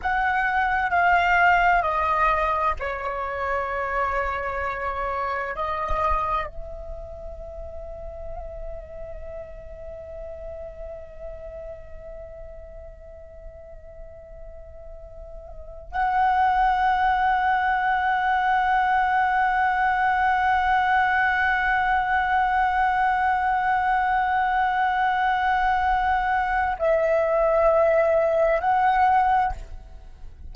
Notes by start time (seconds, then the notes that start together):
0.02 F#5
0.90 F5
1.82 D#5
2.79 C#5
5.55 D#5
6.46 E5
15.91 F#5
26.78 E5
28.60 F#5